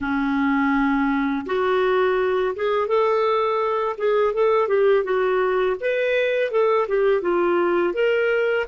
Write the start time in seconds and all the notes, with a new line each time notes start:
0.00 C#4
1.46 F#4
2.55 G#4
2.87 A4
3.97 G#4
4.33 A4
4.68 G4
5.04 F#4
5.80 B4
6.51 A4
6.88 G4
7.21 F4
7.93 A#4